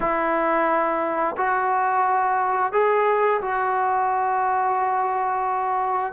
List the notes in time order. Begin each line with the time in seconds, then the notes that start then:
0.00 E4
1.37 F#4
2.72 G#4
3.41 F#4